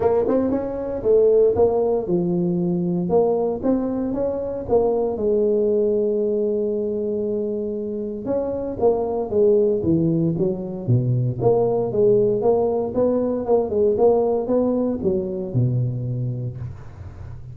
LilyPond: \new Staff \with { instrumentName = "tuba" } { \time 4/4 \tempo 4 = 116 ais8 c'8 cis'4 a4 ais4 | f2 ais4 c'4 | cis'4 ais4 gis2~ | gis1 |
cis'4 ais4 gis4 e4 | fis4 b,4 ais4 gis4 | ais4 b4 ais8 gis8 ais4 | b4 fis4 b,2 | }